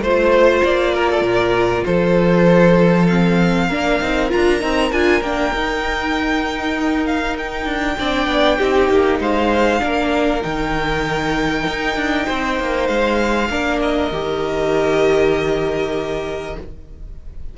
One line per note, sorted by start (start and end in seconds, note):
0.00 0.61 A3
0.00 3.10 F4
0.00 0.63 C5
0.00 0.95 C5
0.64 1.21 A#3
0.64 1.85 D5
0.95 1.10 A#4
1.11 1.23 A4
1.21 1.83 A#2
1.21 1.84 A#4
1.85 3.70 F3
1.85 3.67 A4
1.85 3.07 C5
3.07 3.71 C4
3.07 4.29 F5
3.67 4.00 A#3
3.67 4.02 D4
3.67 7.96 A#4
4.01 4.32 C4
4.01 4.29 D#4
4.29 4.62 D4
4.29 4.60 F4
4.29 4.92 A#5
4.60 4.92 C4
4.60 4.91 D#4
4.92 5.21 D4
4.92 5.23 F4
4.92 5.23 G#5
5.21 5.52 A#3
5.21 5.54 D4
5.21 7.06 G5
5.53 7.66 D#4
5.53 7.99 D#4
7.06 7.37 F5
7.38 9.21 G5
7.66 7.97 D4
7.99 8.27 C4
7.99 8.60 D4
7.99 8.58 D5
8.27 8.58 B3
8.58 8.90 C4
8.58 9.80 D#4
8.58 9.19 G4
8.90 9.20 A#3
9.20 9.81 G#3
9.20 9.82 C5
9.20 10.43 F5
9.80 10.44 A#3
9.80 10.41 D4
9.80 12.26 A#4
10.41 11.67 D#3
10.41 13.47 D#4
10.41 12.87 G5
11.67 11.96 D#4
11.96 12.26 D4
12.26 12.60 C4
12.26 13.49 C5
12.60 12.89 A#3
12.87 13.50 G#3
12.87 13.79 F5
13.50 14.11 A#3
13.50 14.12 D4
13.50 16.57 A#4
13.82 16.58 D#5
14.12 16.56 D#3
14.12 16.58 G4